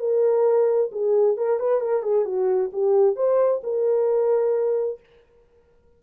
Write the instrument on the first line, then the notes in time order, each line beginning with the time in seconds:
horn
0.00 A#4
0.93 G#4
1.37 A#4
1.60 B4
1.81 A#4
2.03 G#4
2.26 F#4
2.73 G4
3.16 C5
3.64 A#4